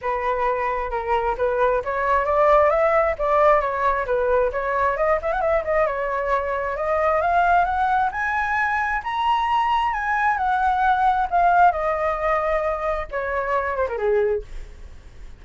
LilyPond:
\new Staff \with { instrumentName = "flute" } { \time 4/4 \tempo 4 = 133 b'2 ais'4 b'4 | cis''4 d''4 e''4 d''4 | cis''4 b'4 cis''4 dis''8 e''16 fis''16 | e''8 dis''8 cis''2 dis''4 |
f''4 fis''4 gis''2 | ais''2 gis''4 fis''4~ | fis''4 f''4 dis''2~ | dis''4 cis''4. c''16 ais'16 gis'4 | }